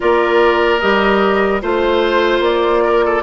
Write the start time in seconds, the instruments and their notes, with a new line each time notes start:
0.00 bassoon A#3, clarinet F4, oboe A#4, flute D5
0.80 bassoon G3, clarinet G4, flute D#5
1.61 bassoon A3, clarinet F4, oboe C5, flute C5
2.40 bassoon A#3, flute D5
2.84 oboe A#4
3.05 oboe A4